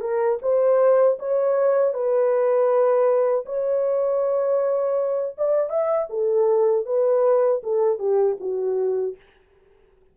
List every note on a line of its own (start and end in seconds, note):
0.00 0.38 A#4
0.42 1.18 C5
1.19 1.93 C#5
1.93 3.45 B4
3.46 5.35 C#5
5.38 5.69 D5
5.69 6.07 E5
6.09 6.85 A4
6.85 7.61 B4
7.63 7.99 A4
7.99 8.36 G4
8.40 9.16 F#4